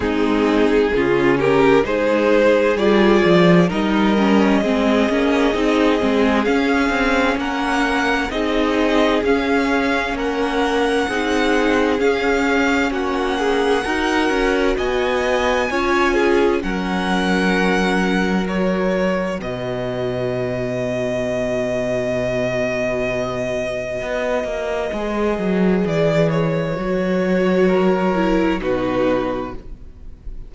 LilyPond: <<
  \new Staff \with { instrumentName = "violin" } { \time 4/4 \tempo 4 = 65 gis'4. ais'8 c''4 d''4 | dis''2. f''4 | fis''4 dis''4 f''4 fis''4~ | fis''4 f''4 fis''2 |
gis''2 fis''2 | cis''4 dis''2.~ | dis''1 | d''8 cis''2~ cis''8 b'4 | }
  \new Staff \with { instrumentName = "violin" } { \time 4/4 dis'4 f'8 g'8 gis'2 | ais'4 gis'2. | ais'4 gis'2 ais'4 | gis'2 fis'8 gis'8 ais'4 |
dis''4 cis''8 gis'8 ais'2~ | ais'4 b'2.~ | b'1~ | b'2 ais'4 fis'4 | }
  \new Staff \with { instrumentName = "viola" } { \time 4/4 c'4 cis'4 dis'4 f'4 | dis'8 cis'8 c'8 cis'8 dis'8 c'8 cis'4~ | cis'4 dis'4 cis'2 | dis'4 cis'2 fis'4~ |
fis'4 f'4 cis'2 | fis'1~ | fis'2. gis'4~ | gis'4 fis'4. e'8 dis'4 | }
  \new Staff \with { instrumentName = "cello" } { \time 4/4 gis4 cis4 gis4 g8 f8 | g4 gis8 ais8 c'8 gis8 cis'8 c'8 | ais4 c'4 cis'4 ais4 | c'4 cis'4 ais4 dis'8 cis'8 |
b4 cis'4 fis2~ | fis4 b,2.~ | b,2 b8 ais8 gis8 fis8 | e4 fis2 b,4 | }
>>